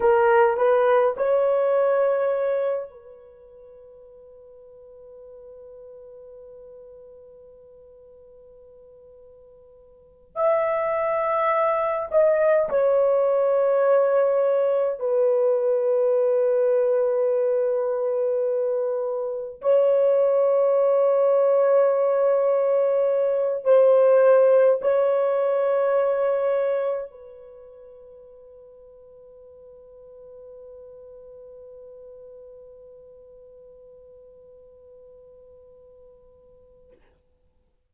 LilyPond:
\new Staff \with { instrumentName = "horn" } { \time 4/4 \tempo 4 = 52 ais'8 b'8 cis''4. b'4.~ | b'1~ | b'4 e''4. dis''8 cis''4~ | cis''4 b'2.~ |
b'4 cis''2.~ | cis''8 c''4 cis''2 b'8~ | b'1~ | b'1 | }